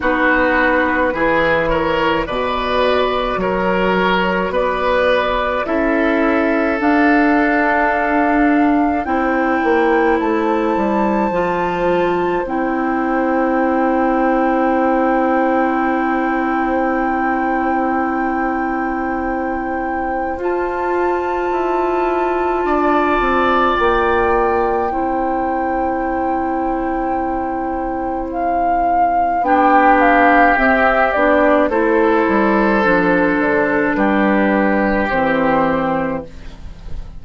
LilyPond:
<<
  \new Staff \with { instrumentName = "flute" } { \time 4/4 \tempo 4 = 53 b'4. cis''8 d''4 cis''4 | d''4 e''4 f''2 | g''4 a''2 g''4~ | g''1~ |
g''2 a''2~ | a''4 g''2.~ | g''4 f''4 g''8 f''8 e''8 d''8 | c''2 b'4 c''4 | }
  \new Staff \with { instrumentName = "oboe" } { \time 4/4 fis'4 gis'8 ais'8 b'4 ais'4 | b'4 a'2. | c''1~ | c''1~ |
c''1 | d''2 c''2~ | c''2 g'2 | a'2 g'2 | }
  \new Staff \with { instrumentName = "clarinet" } { \time 4/4 dis'4 e'4 fis'2~ | fis'4 e'4 d'2 | e'2 f'4 e'4~ | e'1~ |
e'2 f'2~ | f'2 e'2~ | e'2 d'4 c'8 d'8 | e'4 d'2 c'4 | }
  \new Staff \with { instrumentName = "bassoon" } { \time 4/4 b4 e4 b,4 fis4 | b4 cis'4 d'2 | c'8 ais8 a8 g8 f4 c'4~ | c'1~ |
c'2 f'4 e'4 | d'8 c'8 ais4 c'2~ | c'2 b4 c'8 b8 | a8 g8 f8 d8 g4 e4 | }
>>